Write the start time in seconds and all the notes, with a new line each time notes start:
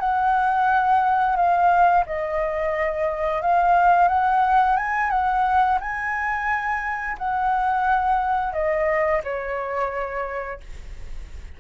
0.00 F#5
1.36 F5
2.06 D#5
3.42 F5
4.08 F#5
4.77 G#5
5.10 F#5
5.81 G#5
7.18 F#5
8.53 D#5
9.24 C#5